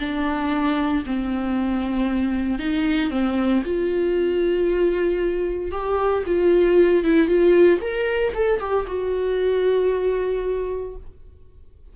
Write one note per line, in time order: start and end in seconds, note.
0.00 1.04 D4
1.06 2.59 C4
2.59 3.11 D#4
3.11 3.63 C4
3.65 5.72 F4
5.72 6.24 G4
6.27 7.04 F4
7.04 7.28 E4
7.28 7.80 F4
7.81 8.34 A#4
8.35 8.60 A4
8.60 8.86 G4
8.87 10.96 F#4